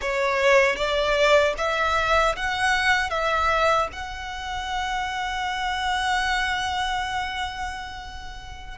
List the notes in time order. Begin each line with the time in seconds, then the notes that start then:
0.01 C#5
0.75 D5
1.57 E5
2.36 F#5
3.10 E5
3.92 F#5